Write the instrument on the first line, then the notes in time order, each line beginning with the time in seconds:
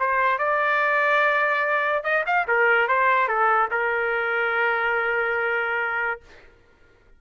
trumpet
0.00 C5
0.39 D5
2.04 D#5
2.27 F5
2.48 A#4
2.89 C5
3.28 A4
3.71 A#4